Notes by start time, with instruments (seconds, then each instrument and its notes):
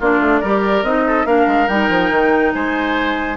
0.00 bassoon A#3, clarinet D4, oboe F4, flute D5
0.20 bassoon A3
0.40 bassoon G3, clarinet G4, oboe A#4
0.83 bassoon C4, clarinet D#4, flute D#5
1.07 oboe A4
1.25 bassoon A#3, clarinet D4, oboe A#4, flute F5
1.47 bassoon G#3
1.68 bassoon G3, clarinet D#4, flute G5
1.89 bassoon F3
2.10 bassoon D#3
2.53 bassoon G#3, oboe C5, flute G#5